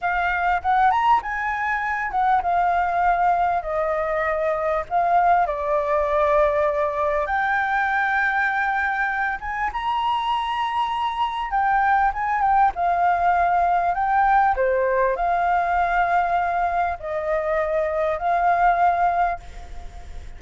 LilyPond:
\new Staff \with { instrumentName = "flute" } { \time 4/4 \tempo 4 = 99 f''4 fis''8 ais''8 gis''4. fis''8 | f''2 dis''2 | f''4 d''2. | g''2.~ g''8 gis''8 |
ais''2. g''4 | gis''8 g''8 f''2 g''4 | c''4 f''2. | dis''2 f''2 | }